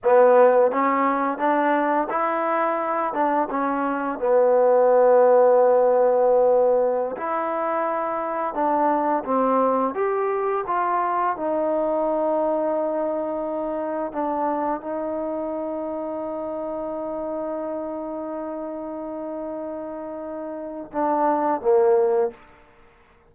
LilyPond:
\new Staff \with { instrumentName = "trombone" } { \time 4/4 \tempo 4 = 86 b4 cis'4 d'4 e'4~ | e'8 d'8 cis'4 b2~ | b2~ b16 e'4.~ e'16~ | e'16 d'4 c'4 g'4 f'8.~ |
f'16 dis'2.~ dis'8.~ | dis'16 d'4 dis'2~ dis'8.~ | dis'1~ | dis'2 d'4 ais4 | }